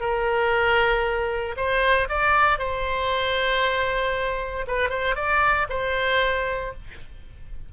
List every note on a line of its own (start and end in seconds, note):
0.00 1.55 A#4
1.56 2.08 C5
2.09 2.59 D5
2.59 4.66 C5
4.67 4.89 B4
4.89 5.15 C5
5.15 5.67 D5
5.69 6.73 C5